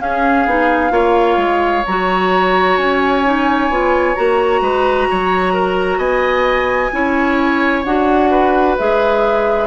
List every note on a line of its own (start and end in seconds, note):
0.00 0.46 C#4
0.00 0.92 G#4
0.00 1.85 F5
0.46 0.91 B3
0.46 0.91 D#4
0.91 1.37 A#3
0.91 1.83 F4
0.91 4.62 C#5
1.37 1.83 G#3
1.86 2.77 F#3
1.86 3.26 F#4
1.86 2.77 A#5
2.77 3.69 C#4
2.77 4.16 G#5
3.26 3.72 D#4
3.69 4.16 B3
3.69 4.16 F4
4.16 4.61 A#3
4.16 6.92 F#4
4.16 5.99 A#5
4.61 5.07 G#3
4.61 5.08 B4
5.10 5.98 F#3
5.10 5.53 C#5
5.53 5.98 A#4
5.98 6.90 B3
5.98 6.91 D#5
5.98 7.83 G#5
6.92 7.85 C#4
6.92 7.85 E4
6.92 8.31 C#5
7.84 8.77 D4
7.84 8.79 F#4
7.84 8.76 F#5
8.31 9.67 B4
8.78 9.67 G#3
8.78 9.67 G#4
8.78 9.67 E5